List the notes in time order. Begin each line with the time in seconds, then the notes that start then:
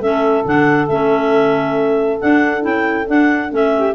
0.00 A3 C#4 A4 E5
0.45 D3 D4 F#5
0.88 A3 C#4 E5
2.20 D4 F#5
2.61 C#4 E4 G5
3.06 D4 F#5
3.50 A3 C#4 E5
3.76 G4